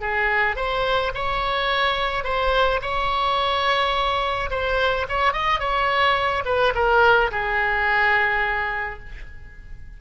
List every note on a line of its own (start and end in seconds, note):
0.00 0.56 G#4
0.56 1.12 C5
1.14 2.24 C#5
2.24 2.80 C5
2.81 4.50 C#5
4.50 5.06 C5
5.08 5.32 C#5
5.32 5.59 D#5
5.59 6.43 C#5
6.45 6.73 B4
6.74 7.30 A#4
7.31 8.99 G#4